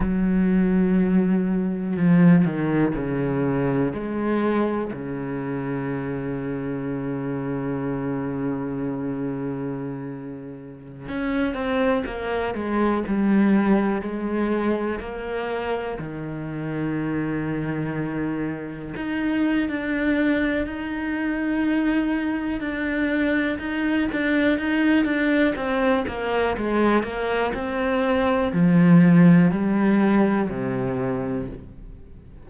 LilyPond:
\new Staff \with { instrumentName = "cello" } { \time 4/4 \tempo 4 = 61 fis2 f8 dis8 cis4 | gis4 cis2.~ | cis2.~ cis16 cis'8 c'16~ | c'16 ais8 gis8 g4 gis4 ais8.~ |
ais16 dis2. dis'8. | d'4 dis'2 d'4 | dis'8 d'8 dis'8 d'8 c'8 ais8 gis8 ais8 | c'4 f4 g4 c4 | }